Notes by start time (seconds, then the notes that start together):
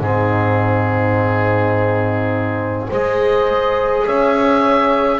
0.00 G#2 C4 D#4 G#4
2.89 G#3 G#4 C5 D#5
4.06 C#4 C#5 E5